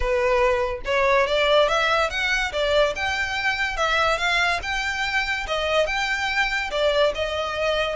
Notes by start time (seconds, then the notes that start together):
0.00 B4
0.85 C#5
1.26 D5
1.68 E5
2.10 F#5
2.52 D5
2.95 G5
3.76 E5
4.17 F5
4.62 G5
5.47 D#5
5.86 G5
6.70 D5
7.14 D#5